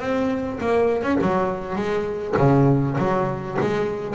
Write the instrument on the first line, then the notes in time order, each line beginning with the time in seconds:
double bass
0.00 C4
0.61 A#3
1.03 C#4
1.22 F#3
1.76 G#3
2.38 C#3
2.98 F#3
3.61 G#3